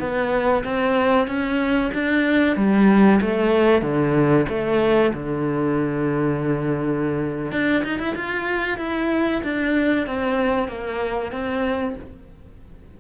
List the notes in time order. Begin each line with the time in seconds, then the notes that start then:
0.00 B3
0.65 C4
1.28 C#4
1.94 D4
2.57 G3
3.21 A3
3.82 D3
4.49 A3
5.14 D3
7.52 D4
7.84 D#4
7.99 E4
8.16 F4
8.78 E4
9.44 D4
10.07 C4
10.69 A#3
11.32 C4